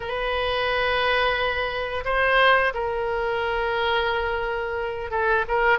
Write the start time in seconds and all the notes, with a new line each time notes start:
0.00 B4
2.05 C5
2.74 A#4
5.10 A4
5.48 A#4